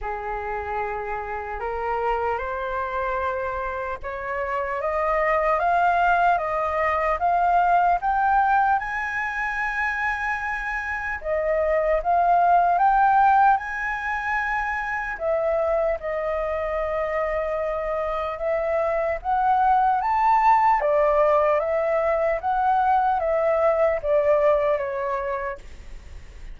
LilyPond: \new Staff \with { instrumentName = "flute" } { \time 4/4 \tempo 4 = 75 gis'2 ais'4 c''4~ | c''4 cis''4 dis''4 f''4 | dis''4 f''4 g''4 gis''4~ | gis''2 dis''4 f''4 |
g''4 gis''2 e''4 | dis''2. e''4 | fis''4 a''4 d''4 e''4 | fis''4 e''4 d''4 cis''4 | }